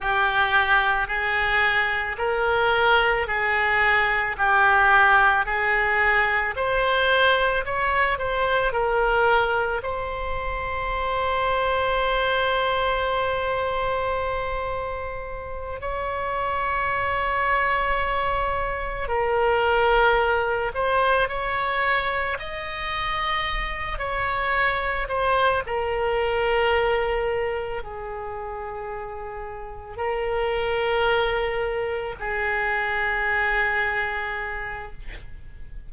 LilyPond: \new Staff \with { instrumentName = "oboe" } { \time 4/4 \tempo 4 = 55 g'4 gis'4 ais'4 gis'4 | g'4 gis'4 c''4 cis''8 c''8 | ais'4 c''2.~ | c''2~ c''8 cis''4.~ |
cis''4. ais'4. c''8 cis''8~ | cis''8 dis''4. cis''4 c''8 ais'8~ | ais'4. gis'2 ais'8~ | ais'4. gis'2~ gis'8 | }